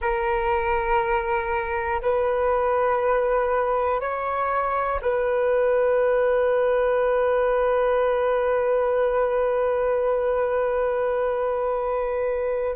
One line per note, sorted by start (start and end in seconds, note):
0.01 2.01 A#4
2.01 4.00 B4
4.00 5.00 C#5
5.01 12.75 B4